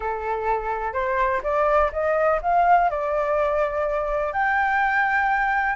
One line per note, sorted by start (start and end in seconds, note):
0.00 0.93 A4
0.93 1.41 C5
1.43 1.91 D5
1.92 2.40 D#5
2.41 2.89 F5
2.89 4.32 D5
4.32 5.75 G5